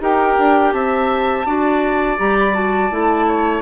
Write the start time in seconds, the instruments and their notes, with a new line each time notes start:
0.00 bassoon D#4, clarinet G4, oboe A#4, flute G5
0.38 bassoon D4
0.72 bassoon C4, oboe E5, flute A5
1.45 bassoon D4, clarinet F#4, oboe D5
2.17 bassoon G3, clarinet G4, flute A#5
2.39 flute B5
2.53 clarinet F#4, flute A5
2.90 bassoon A3, clarinet E4
3.27 oboe C#5